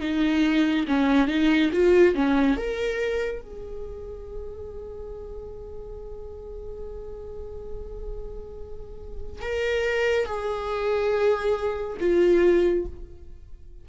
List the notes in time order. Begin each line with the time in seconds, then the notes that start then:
0.00 D#4
0.87 C#4
1.27 D#4
1.72 F4
2.15 C#4
2.56 A#4
3.41 G#4
9.41 A#4
10.25 G#4
12.00 F4